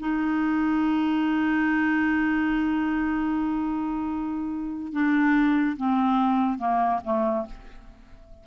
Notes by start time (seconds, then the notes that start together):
0.00 D#4
4.93 D4
5.77 C4
6.59 A#3
7.05 A3